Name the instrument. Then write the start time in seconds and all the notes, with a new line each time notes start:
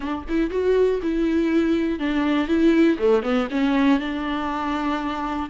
viola
0.00 D4
0.28 E4
0.50 F#4
1.02 E4
1.99 D4
2.47 E4
2.98 A3
3.22 B3
3.50 C#4
3.99 D4